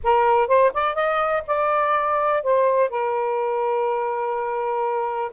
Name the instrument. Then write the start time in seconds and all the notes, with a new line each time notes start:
saxophone
0.03 A#4
0.47 C5
0.73 D5
0.94 D#5
1.46 D5
2.43 C5
2.89 A#4